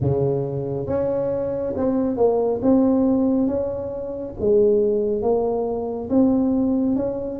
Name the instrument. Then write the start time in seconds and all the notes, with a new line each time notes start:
tuba
0.00 C#3
0.87 C#4
1.76 C4
2.17 A#3
2.62 C4
3.47 C#4
4.40 G#3
5.22 A#3
6.09 C4
6.96 C#4